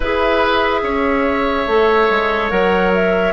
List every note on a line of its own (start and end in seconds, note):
0.00 0.82 E4
0.00 1.68 G#4
0.00 0.80 B4
0.00 2.49 E5
0.82 1.66 C#4
0.82 3.32 C#5
1.66 2.08 A3
1.66 2.50 A4
2.09 2.51 G#3
2.49 3.32 F#3
2.49 3.32 A#4
2.49 2.91 F#5
2.94 3.32 E5